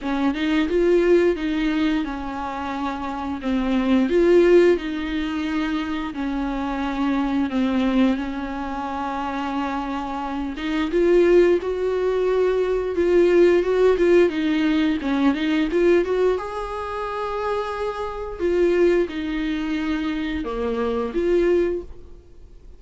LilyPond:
\new Staff \with { instrumentName = "viola" } { \time 4/4 \tempo 4 = 88 cis'8 dis'8 f'4 dis'4 cis'4~ | cis'4 c'4 f'4 dis'4~ | dis'4 cis'2 c'4 | cis'2.~ cis'8 dis'8 |
f'4 fis'2 f'4 | fis'8 f'8 dis'4 cis'8 dis'8 f'8 fis'8 | gis'2. f'4 | dis'2 ais4 f'4 | }